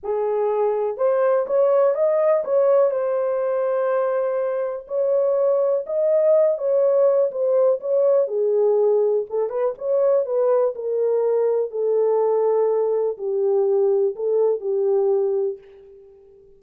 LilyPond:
\new Staff \with { instrumentName = "horn" } { \time 4/4 \tempo 4 = 123 gis'2 c''4 cis''4 | dis''4 cis''4 c''2~ | c''2 cis''2 | dis''4. cis''4. c''4 |
cis''4 gis'2 a'8 b'8 | cis''4 b'4 ais'2 | a'2. g'4~ | g'4 a'4 g'2 | }